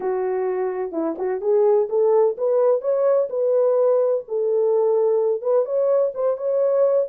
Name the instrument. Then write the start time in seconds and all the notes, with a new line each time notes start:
horn
0.00 F#4
0.91 E4
1.18 F#4
1.41 G#4
1.89 A4
2.37 B4
2.81 C#5
3.29 B4
4.28 A4
5.41 B4
5.65 C#5
6.14 C5
6.37 C#5